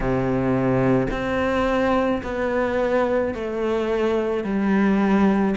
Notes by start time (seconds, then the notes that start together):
0.00 C3
1.11 C4
2.23 B3
3.34 A3
4.43 G3